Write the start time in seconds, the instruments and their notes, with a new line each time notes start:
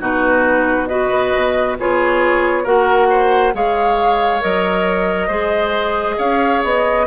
0.00 bassoon B2, clarinet D#4, oboe F#4, flute B4
0.87 clarinet F#4, oboe B4, flute D#5
1.11 bassoon B3
1.35 bassoon B2
1.79 bassoon B3, clarinet F4, oboe G#4, flute C#5
2.63 bassoon A#3, clarinet F#4, oboe A#4, flute F#5
3.10 oboe C5
3.53 bassoon G#3, clarinet G#4, oboe C#5, flute F5
4.41 bassoon F#3, clarinet A#4, flute D#5
5.27 bassoon G#3, clarinet G#4, oboe C5
6.18 bassoon C#4, oboe C#5, flute F5
6.64 bassoon B3, flute D#5